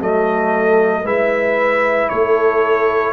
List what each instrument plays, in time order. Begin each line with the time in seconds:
0.00 tuba F#3, trombone A3, horn A4, trumpet D#5
1.03 tuba G#3, trombone E4, horn B4, trumpet E5
2.09 tuba A3, horn A4, trumpet C#5